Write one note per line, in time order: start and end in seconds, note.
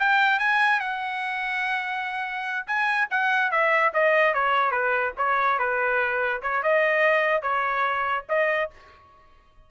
0.00 0.39 G5
0.39 0.80 G#5
0.80 2.66 F#5
2.67 3.08 G#5
3.11 3.52 F#5
3.52 3.93 E5
3.94 4.34 D#5
4.34 4.71 C#5
4.71 5.13 B4
5.17 5.59 C#5
5.59 6.42 B4
6.42 6.63 C#5
6.63 7.42 D#5
7.42 8.25 C#5
8.29 8.71 D#5